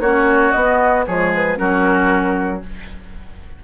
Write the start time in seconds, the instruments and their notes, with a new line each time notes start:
0.00 bassoon A#3, clarinet C#4, oboe F#4, flute C#5
0.52 clarinet B3, bassoon B3, flute D#5
1.07 bassoon F3, clarinet G#3, oboe G#4, flute C#5
1.35 flute B4
1.57 bassoon F#3, clarinet C#4, oboe F#4, flute A#4